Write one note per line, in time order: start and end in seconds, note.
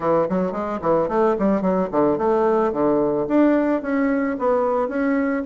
0.00 0.27 E3
0.29 0.52 F#3
0.52 0.79 G#3
0.81 1.08 E3
1.08 1.35 A3
1.38 1.61 G3
1.61 1.88 F#3
1.91 2.17 D3
2.17 2.72 A3
2.72 3.27 D3
3.28 3.82 D4
3.82 4.36 C#4
4.38 4.88 B3
4.88 5.43 C#4